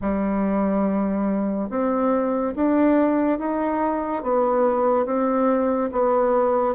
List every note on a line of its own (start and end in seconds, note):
0.01 1.69 G3
1.69 2.54 C4
2.55 3.38 D4
3.38 4.23 D#4
4.23 5.05 B3
5.05 5.90 C4
5.92 6.74 B3